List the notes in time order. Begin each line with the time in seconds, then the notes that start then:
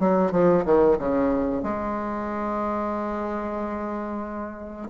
0.00 F#3
0.32 F3
0.66 D#3
0.99 C#3
1.63 G#3